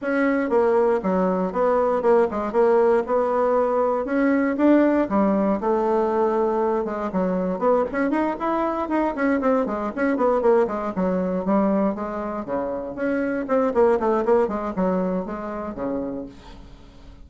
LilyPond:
\new Staff \with { instrumentName = "bassoon" } { \time 4/4 \tempo 4 = 118 cis'4 ais4 fis4 b4 | ais8 gis8 ais4 b2 | cis'4 d'4 g4 a4~ | a4. gis8 fis4 b8 cis'8 |
dis'8 e'4 dis'8 cis'8 c'8 gis8 cis'8 | b8 ais8 gis8 fis4 g4 gis8~ | gis8 cis4 cis'4 c'8 ais8 a8 | ais8 gis8 fis4 gis4 cis4 | }